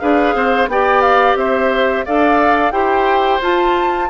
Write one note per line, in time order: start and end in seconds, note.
0.00 0.35 D4
0.00 0.68 G#4
0.00 0.35 B4
0.00 0.68 F5
0.35 0.68 C4
0.35 0.69 C5
0.68 1.35 B3
0.68 2.07 G4
0.68 1.39 D5
0.68 1.02 G5
1.02 1.36 F5
1.35 2.04 C4
1.35 2.06 C5
1.35 2.06 E5
2.06 2.72 D4
2.06 2.73 A4
2.06 2.73 D5
2.06 2.72 F5
2.72 3.40 E4
2.72 3.41 G4
2.72 4.10 C5
2.72 3.40 G5
3.41 4.10 F4
3.41 4.10 A5